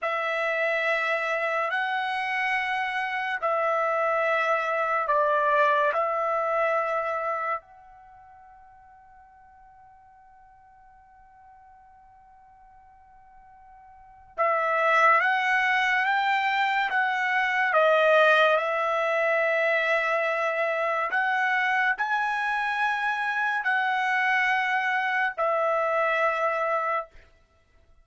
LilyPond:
\new Staff \with { instrumentName = "trumpet" } { \time 4/4 \tempo 4 = 71 e''2 fis''2 | e''2 d''4 e''4~ | e''4 fis''2.~ | fis''1~ |
fis''4 e''4 fis''4 g''4 | fis''4 dis''4 e''2~ | e''4 fis''4 gis''2 | fis''2 e''2 | }